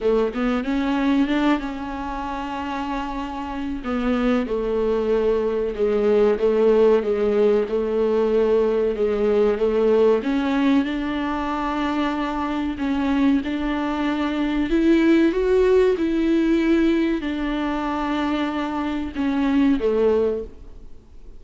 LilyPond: \new Staff \with { instrumentName = "viola" } { \time 4/4 \tempo 4 = 94 a8 b8 cis'4 d'8 cis'4.~ | cis'2 b4 a4~ | a4 gis4 a4 gis4 | a2 gis4 a4 |
cis'4 d'2. | cis'4 d'2 e'4 | fis'4 e'2 d'4~ | d'2 cis'4 a4 | }